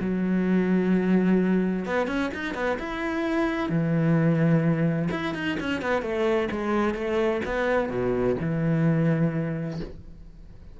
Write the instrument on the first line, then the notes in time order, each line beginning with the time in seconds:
cello
0.00 F#3
1.85 B3
2.07 C#4
2.34 D#4
2.54 B3
2.79 E4
3.69 E3
5.11 E4
5.34 D#4
5.60 C#4
5.81 B3
6.02 A3
6.51 G#3
6.94 A3
7.45 B3
7.89 B2
8.40 E3